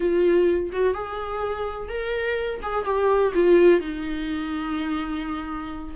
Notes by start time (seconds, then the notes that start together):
0.00 F4
0.72 F#4
0.94 G#4
1.88 A#4
2.62 G#4
2.84 G4
3.34 F4
3.80 D#4